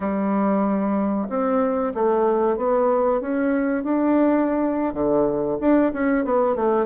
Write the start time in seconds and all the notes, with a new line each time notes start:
0.00 G3
1.29 C4
1.94 A3
2.56 B3
3.20 C#4
3.83 D4
4.93 D3
5.60 D4
5.93 C#4
6.24 B3
6.55 A3